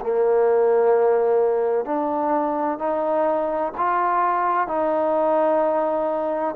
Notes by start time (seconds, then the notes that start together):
0.00 A#3
1.85 D4
2.78 D#4
3.77 F4
4.67 D#4